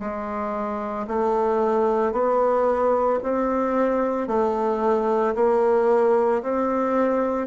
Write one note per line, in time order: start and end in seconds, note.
0.00 1.07 G#3
1.08 2.13 A3
2.13 3.20 B3
3.23 4.28 C4
4.28 5.35 A3
5.35 6.42 A#3
6.43 7.48 C4